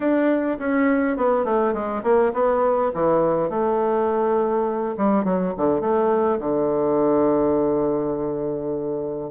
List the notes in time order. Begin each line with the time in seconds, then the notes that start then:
0.00 D4
0.59 C#4
1.17 B3
1.44 A3
1.73 G#3
2.03 A#3
2.33 B3
2.94 E3
3.50 A3
4.97 G3
5.24 F#3
5.57 D3
5.80 A3
6.39 D3